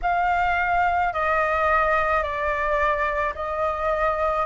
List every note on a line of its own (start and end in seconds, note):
0.02 1.13 F5
1.13 2.22 D#5
2.22 3.33 D5
3.34 4.45 D#5